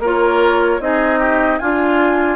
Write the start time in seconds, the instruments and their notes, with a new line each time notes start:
0.00 bassoon A#3, clarinet F4, oboe A#4, flute C#5
0.80 bassoon C4, clarinet D#4, oboe G#4, flute D#5
1.20 oboe G4
1.59 bassoon D4, oboe F4, clarinet F4, flute G#5